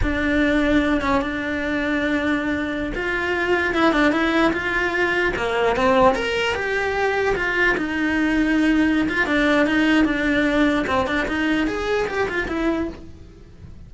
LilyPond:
\new Staff \with { instrumentName = "cello" } { \time 4/4 \tempo 4 = 149 d'2~ d'8 cis'8 d'4~ | d'2.~ d'16 f'8.~ | f'4~ f'16 e'8 d'8 e'4 f'8.~ | f'4~ f'16 ais4 c'4 ais'8.~ |
ais'16 g'2 f'4 dis'8.~ | dis'2~ dis'8 f'8 d'4 | dis'4 d'2 c'8 d'8 | dis'4 gis'4 g'8 f'8 e'4 | }